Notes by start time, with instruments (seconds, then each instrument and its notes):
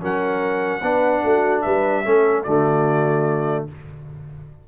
0.00 tuba F#3, trombone C#4, horn A#4, trumpet F#5
0.82 tuba B3, trombone D4, horn B4
1.23 tuba A3, horn F#4
1.61 tuba G3, horn B4, trumpet E5
2.04 tuba A3, trombone C#4, horn A4
2.43 tuba D3, trombone A3, horn F#4, trumpet D5